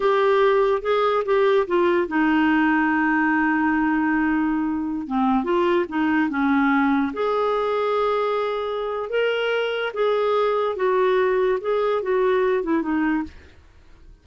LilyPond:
\new Staff \with { instrumentName = "clarinet" } { \time 4/4 \tempo 4 = 145 g'2 gis'4 g'4 | f'4 dis'2.~ | dis'1~ | dis'16 c'4 f'4 dis'4 cis'8.~ |
cis'4~ cis'16 gis'2~ gis'8.~ | gis'2 ais'2 | gis'2 fis'2 | gis'4 fis'4. e'8 dis'4 | }